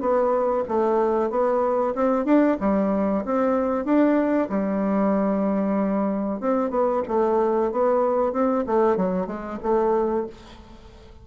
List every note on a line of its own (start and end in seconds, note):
0.00 0.64 B3
0.68 1.30 A3
1.30 1.94 B3
1.95 2.25 C4
2.25 2.57 D4
2.60 3.24 G3
3.25 3.85 C4
3.85 4.49 D4
4.49 6.40 G3
6.40 6.70 C4
6.70 7.02 B3
7.08 7.72 A3
7.72 8.32 B3
8.32 8.64 C4
8.67 8.97 A3
8.97 9.27 F#3
9.27 9.59 G#3
9.63 10.26 A3